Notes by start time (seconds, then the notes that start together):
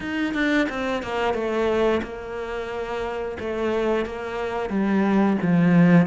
0.00 D#4
0.34 D4
0.69 C4
1.02 A#3
1.33 A3
2.03 A#3
3.39 A3
4.05 A#3
4.69 G3
5.42 F3